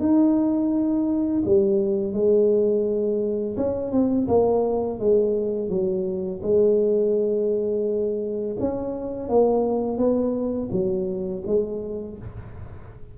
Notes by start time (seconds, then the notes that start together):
0.00 D#4
1.45 G3
2.13 G#3
3.57 C#4
3.92 C4
4.28 A#3
5.00 G#3
5.69 F#3
6.43 G#3
8.60 C#4
9.29 A#3
9.98 B3
10.72 F#3
11.46 G#3